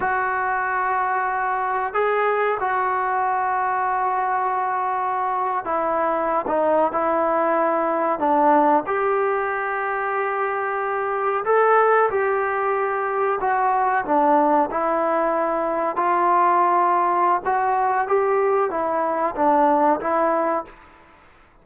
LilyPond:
\new Staff \with { instrumentName = "trombone" } { \time 4/4 \tempo 4 = 93 fis'2. gis'4 | fis'1~ | fis'8. e'4~ e'16 dis'8. e'4~ e'16~ | e'8. d'4 g'2~ g'16~ |
g'4.~ g'16 a'4 g'4~ g'16~ | g'8. fis'4 d'4 e'4~ e'16~ | e'8. f'2~ f'16 fis'4 | g'4 e'4 d'4 e'4 | }